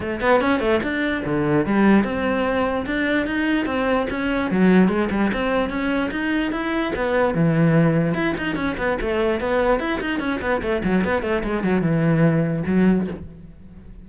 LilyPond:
\new Staff \with { instrumentName = "cello" } { \time 4/4 \tempo 4 = 147 a8 b8 cis'8 a8 d'4 d4 | g4 c'2 d'4 | dis'4 c'4 cis'4 fis4 | gis8 g8 c'4 cis'4 dis'4 |
e'4 b4 e2 | e'8 dis'8 cis'8 b8 a4 b4 | e'8 dis'8 cis'8 b8 a8 fis8 b8 a8 | gis8 fis8 e2 fis4 | }